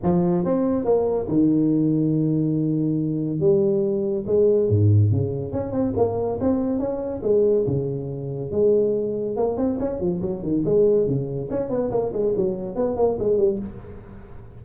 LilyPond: \new Staff \with { instrumentName = "tuba" } { \time 4/4 \tempo 4 = 141 f4 c'4 ais4 dis4~ | dis1 | g2 gis4 gis,4 | cis4 cis'8 c'8 ais4 c'4 |
cis'4 gis4 cis2 | gis2 ais8 c'8 cis'8 f8 | fis8 dis8 gis4 cis4 cis'8 b8 | ais8 gis8 fis4 b8 ais8 gis8 g8 | }